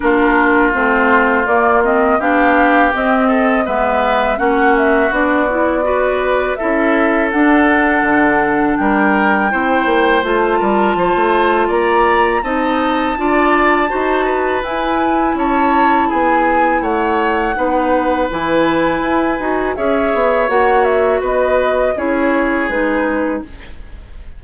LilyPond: <<
  \new Staff \with { instrumentName = "flute" } { \time 4/4 \tempo 4 = 82 ais'4 c''4 d''8 dis''8 f''4 | dis''4 e''4 fis''8 e''8 d''4~ | d''4 e''4 fis''2 | g''2 a''2 |
ais''4 a''2. | gis''4 a''4 gis''4 fis''4~ | fis''4 gis''2 e''4 | fis''8 e''8 dis''4 cis''4 b'4 | }
  \new Staff \with { instrumentName = "oboe" } { \time 4/4 f'2. g'4~ | g'8 a'8 b'4 fis'2 | b'4 a'2. | ais'4 c''4. ais'8 c''4 |
d''4 dis''4 d''4 c''8 b'8~ | b'4 cis''4 gis'4 cis''4 | b'2. cis''4~ | cis''4 b'4 gis'2 | }
  \new Staff \with { instrumentName = "clarinet" } { \time 4/4 d'4 c'4 ais8 c'8 d'4 | c'4 b4 cis'4 d'8 e'8 | fis'4 e'4 d'2~ | d'4 e'4 f'2~ |
f'4 dis'4 f'4 fis'4 | e'1 | dis'4 e'4. fis'8 gis'4 | fis'2 e'4 dis'4 | }
  \new Staff \with { instrumentName = "bassoon" } { \time 4/4 ais4 a4 ais4 b4 | c'4 gis4 ais4 b4~ | b4 cis'4 d'4 d4 | g4 c'8 ais8 a8 g8 f16 a8. |
ais4 c'4 d'4 dis'4 | e'4 cis'4 b4 a4 | b4 e4 e'8 dis'8 cis'8 b8 | ais4 b4 cis'4 gis4 | }
>>